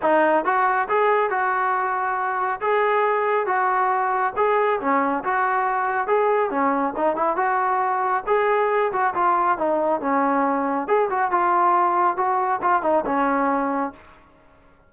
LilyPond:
\new Staff \with { instrumentName = "trombone" } { \time 4/4 \tempo 4 = 138 dis'4 fis'4 gis'4 fis'4~ | fis'2 gis'2 | fis'2 gis'4 cis'4 | fis'2 gis'4 cis'4 |
dis'8 e'8 fis'2 gis'4~ | gis'8 fis'8 f'4 dis'4 cis'4~ | cis'4 gis'8 fis'8 f'2 | fis'4 f'8 dis'8 cis'2 | }